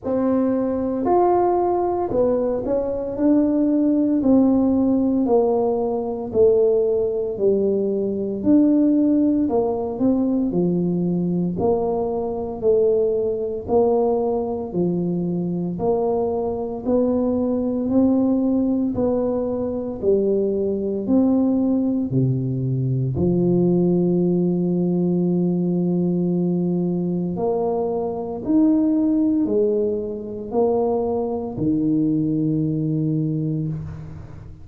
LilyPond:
\new Staff \with { instrumentName = "tuba" } { \time 4/4 \tempo 4 = 57 c'4 f'4 b8 cis'8 d'4 | c'4 ais4 a4 g4 | d'4 ais8 c'8 f4 ais4 | a4 ais4 f4 ais4 |
b4 c'4 b4 g4 | c'4 c4 f2~ | f2 ais4 dis'4 | gis4 ais4 dis2 | }